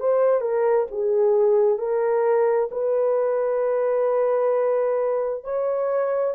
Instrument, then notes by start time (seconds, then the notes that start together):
horn
0.00 C5
0.40 A#4
0.91 G#4
1.78 A#4
2.71 B4
5.44 C#5